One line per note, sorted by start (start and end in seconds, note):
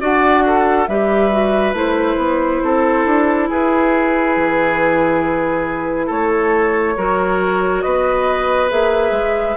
0.00 0.88 D4
0.00 0.87 F#4
0.00 0.44 D5
0.00 0.87 F#5
0.47 0.89 A4
0.87 1.73 G3
0.87 1.32 G4
0.87 2.63 B4
0.87 1.74 E5
1.32 1.74 F#4
1.73 2.17 A3
1.73 6.96 E4
1.73 3.51 C5
2.18 2.61 B3
2.64 3.06 C4
2.64 3.49 A4
3.06 3.49 D4
3.49 4.37 E4
3.49 6.07 G#4
3.49 6.11 B4
4.37 6.11 E3
6.07 6.97 A3
6.07 6.94 A4
6.07 7.82 C#5
6.97 7.85 F#3
6.97 8.69 F#4
6.97 7.84 A#4
7.82 8.72 B3
7.82 9.58 B4
7.82 8.69 D#5
8.69 9.12 A#3
8.69 9.56 G#4
8.69 9.58 E5
9.12 9.55 G#3